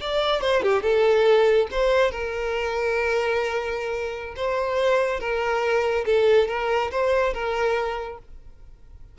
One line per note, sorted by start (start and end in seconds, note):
0.00 0.41 D5
0.41 0.62 C5
0.62 0.82 G4
0.82 1.67 A4
1.71 2.11 C5
2.11 4.34 A#4
4.36 5.20 C5
5.20 6.05 A#4
6.05 6.48 A4
6.48 6.90 A#4
6.91 7.33 C5
7.33 8.18 A#4